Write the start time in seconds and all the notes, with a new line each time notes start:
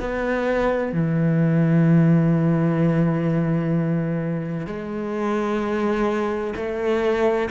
0.00 B3
0.93 E3
4.67 G#3
6.56 A3